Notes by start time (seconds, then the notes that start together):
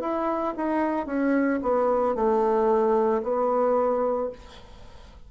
0.00 E4
0.56 D#4
1.06 C#4
1.62 B3
2.15 A3
3.23 B3